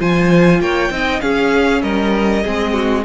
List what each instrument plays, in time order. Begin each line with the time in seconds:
0.00 cello F3, viola F4, violin C5 G#5
0.60 cello A#3, violin C#5 G5
0.90 cello C4, viola D#4, violin D#5
1.21 viola C#4, cello C#4, violin G#4 F5
1.82 cello G3, violin A#4 D#5
2.44 cello G#3, viola C4, violin G#4
2.73 violin F#4